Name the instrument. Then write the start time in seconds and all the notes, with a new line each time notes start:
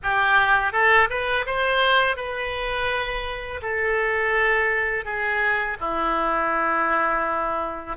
oboe
0.02 G4
0.72 A4
1.09 B4
1.46 C5
2.16 B4
3.61 A4
5.04 G#4
5.80 E4